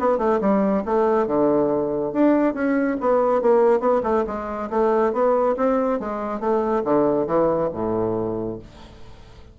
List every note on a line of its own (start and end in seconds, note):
0.00 0.19 B3
0.19 0.40 A3
0.41 0.84 G3
0.86 1.27 A3
1.27 2.13 D3
2.13 2.54 D4
2.54 2.97 C#4
3.01 3.42 B3
3.42 3.80 A#3
3.80 4.02 B3
4.03 4.25 A3
4.27 4.70 G#3
4.70 5.13 A3
5.13 5.56 B3
5.57 6.00 C4
6.00 6.41 G#3
6.41 6.83 A3
6.85 7.27 D3
7.27 7.70 E3
7.73 8.59 A2